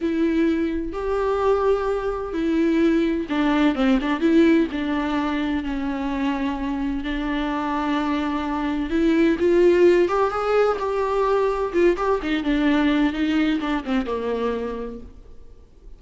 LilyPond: \new Staff \with { instrumentName = "viola" } { \time 4/4 \tempo 4 = 128 e'2 g'2~ | g'4 e'2 d'4 | c'8 d'8 e'4 d'2 | cis'2. d'4~ |
d'2. e'4 | f'4. g'8 gis'4 g'4~ | g'4 f'8 g'8 dis'8 d'4. | dis'4 d'8 c'8 ais2 | }